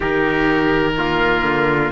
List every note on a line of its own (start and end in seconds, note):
0.00 1.42 D#3
0.00 0.94 D#4
0.00 0.93 G4
0.00 1.92 A#4
0.98 1.92 A#3
0.98 1.92 F4
1.42 1.91 D3